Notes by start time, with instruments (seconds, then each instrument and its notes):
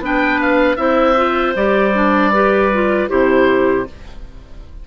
0.00 bassoon B3, clarinet D4 B4, oboe G5
0.41 oboe F5
0.77 bassoon C4, clarinet E4 C5, oboe E5
1.17 clarinet F4
1.55 bassoon G3, clarinet G4, oboe D5
1.94 clarinet D4
2.33 clarinet G4 B4
2.74 clarinet F4
3.09 bassoon C3, clarinet E4 G4, oboe C5